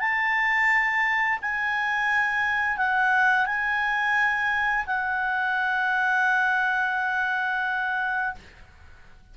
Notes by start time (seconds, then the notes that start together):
0.00 A5
1.42 G#5
2.77 F#5
3.46 G#5
4.87 F#5